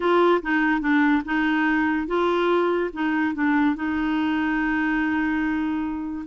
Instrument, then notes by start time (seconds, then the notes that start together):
clarinet
0.00 F4
0.42 D#4
0.80 D4
1.25 D#4
2.07 F4
2.93 D#4
3.34 D4
3.75 D#4